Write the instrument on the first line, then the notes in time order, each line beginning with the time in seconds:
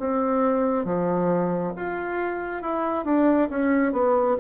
bassoon
0.00 C4
0.85 F3
1.76 F4
2.63 E4
3.05 D4
3.50 C#4
3.93 B3